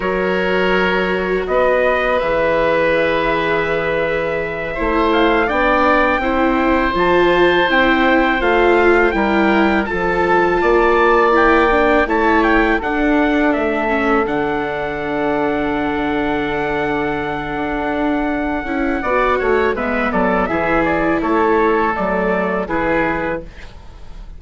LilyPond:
<<
  \new Staff \with { instrumentName = "trumpet" } { \time 4/4 \tempo 4 = 82 cis''2 dis''4 e''4~ | e''2. f''8 g''8~ | g''4. a''4 g''4 f''8~ | f''8 g''4 a''2 g''8~ |
g''8 a''8 g''8 fis''4 e''4 fis''8~ | fis''1~ | fis''2. e''8 d''8 | e''8 d''8 cis''4 d''4 b'4 | }
  \new Staff \with { instrumentName = "oboe" } { \time 4/4 ais'2 b'2~ | b'2~ b'8 c''4 d''8~ | d''8 c''2.~ c''8~ | c''8 ais'4 a'4 d''4.~ |
d''8 cis''4 a'2~ a'8~ | a'1~ | a'2 d''8 cis''8 b'8 a'8 | gis'4 a'2 gis'4 | }
  \new Staff \with { instrumentName = "viola" } { \time 4/4 fis'2. gis'4~ | gis'2~ gis'8 e'4 d'8~ | d'8 e'4 f'4 e'4 f'8~ | f'8 e'4 f'2 e'8 |
d'8 e'4 d'4. cis'8 d'8~ | d'1~ | d'4. e'8 fis'4 b4 | e'2 a4 e'4 | }
  \new Staff \with { instrumentName = "bassoon" } { \time 4/4 fis2 b4 e4~ | e2~ e8 a4 b8~ | b8 c'4 f4 c'4 a8~ | a8 g4 f4 ais4.~ |
ais8 a4 d'4 a4 d8~ | d1 | d'4. cis'8 b8 a8 gis8 fis8 | e4 a4 fis4 e4 | }
>>